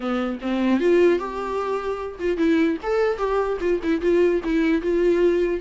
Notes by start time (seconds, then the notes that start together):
0.00 B3
0.41 C4
0.80 F4
1.19 G4
2.19 F4
2.37 E4
2.83 A4
3.17 G4
3.60 F4
3.83 E4
4.01 F4
4.43 E4
4.81 F4